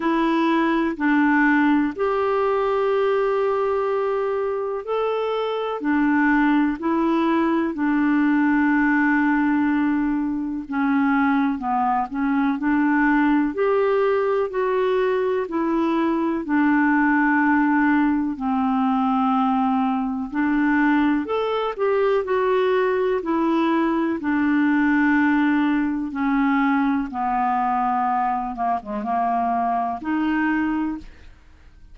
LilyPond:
\new Staff \with { instrumentName = "clarinet" } { \time 4/4 \tempo 4 = 62 e'4 d'4 g'2~ | g'4 a'4 d'4 e'4 | d'2. cis'4 | b8 cis'8 d'4 g'4 fis'4 |
e'4 d'2 c'4~ | c'4 d'4 a'8 g'8 fis'4 | e'4 d'2 cis'4 | b4. ais16 gis16 ais4 dis'4 | }